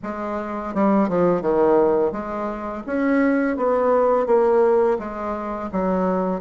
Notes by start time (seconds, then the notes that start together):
0.03 G#3
0.74 G3
1.08 F3
1.41 D#3
2.11 G#3
2.86 C#4
3.56 B3
4.26 A#3
4.98 G#3
5.72 F#3